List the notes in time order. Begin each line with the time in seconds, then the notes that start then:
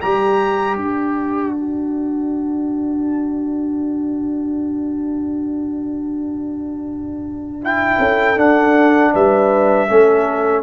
0.00 G3 G4 D5 A#5
0.75 D4 A5
1.54 F#4
7.62 E4 G5
7.99 C#4 A4
8.37 D4 F#5
9.13 G3 B4 E5
9.88 A3 C#4 A4